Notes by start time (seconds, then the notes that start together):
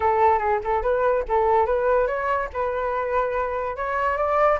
0.00 A4
0.38 G#4
0.64 A4
0.82 B4
1.28 A4
1.66 B4
2.07 C#5
2.53 B4
3.76 C#5
4.17 D5